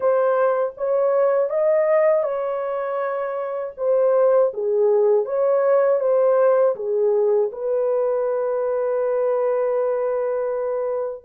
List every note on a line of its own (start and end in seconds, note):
0.00 0.73 C5
0.77 1.49 C#5
1.49 2.23 D#5
2.23 3.73 C#5
3.77 4.52 C5
4.53 5.25 G#4
5.25 6.00 C#5
6.00 6.75 C5
6.75 7.50 G#4
7.52 11.24 B4